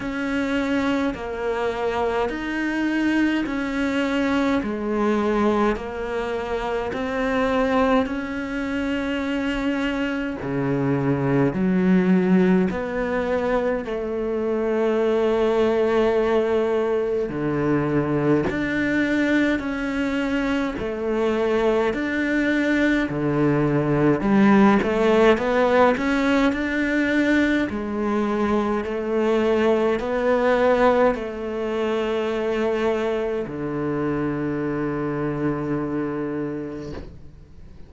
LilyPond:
\new Staff \with { instrumentName = "cello" } { \time 4/4 \tempo 4 = 52 cis'4 ais4 dis'4 cis'4 | gis4 ais4 c'4 cis'4~ | cis'4 cis4 fis4 b4 | a2. d4 |
d'4 cis'4 a4 d'4 | d4 g8 a8 b8 cis'8 d'4 | gis4 a4 b4 a4~ | a4 d2. | }